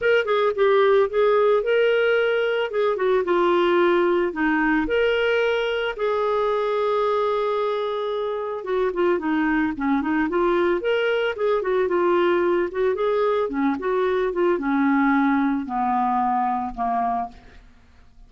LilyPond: \new Staff \with { instrumentName = "clarinet" } { \time 4/4 \tempo 4 = 111 ais'8 gis'8 g'4 gis'4 ais'4~ | ais'4 gis'8 fis'8 f'2 | dis'4 ais'2 gis'4~ | gis'1 |
fis'8 f'8 dis'4 cis'8 dis'8 f'4 | ais'4 gis'8 fis'8 f'4. fis'8 | gis'4 cis'8 fis'4 f'8 cis'4~ | cis'4 b2 ais4 | }